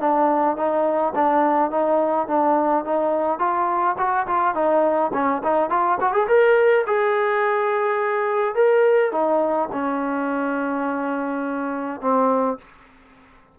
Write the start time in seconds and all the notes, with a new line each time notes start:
0.00 D4
0.57 D#4
1.15 D4
1.71 D#4
2.28 D4
2.85 D#4
3.39 F4
3.98 F#4
4.27 F4
4.55 D#4
5.14 C#4
5.43 D#4
5.70 F4
6.01 F#4
6.13 G#4
6.28 A#4
6.86 G#4
8.55 A#4
9.12 D#4
9.72 C#4
12.01 C4